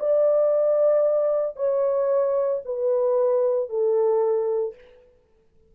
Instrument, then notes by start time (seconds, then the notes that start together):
horn
0.00 D5
1.56 C#5
2.65 B4
3.70 A4